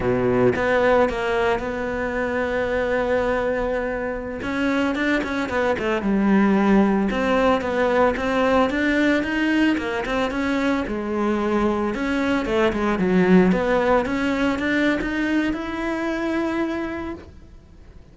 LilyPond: \new Staff \with { instrumentName = "cello" } { \time 4/4 \tempo 4 = 112 b,4 b4 ais4 b4~ | b1~ | b16 cis'4 d'8 cis'8 b8 a8 g8.~ | g4~ g16 c'4 b4 c'8.~ |
c'16 d'4 dis'4 ais8 c'8 cis'8.~ | cis'16 gis2 cis'4 a8 gis16~ | gis16 fis4 b4 cis'4 d'8. | dis'4 e'2. | }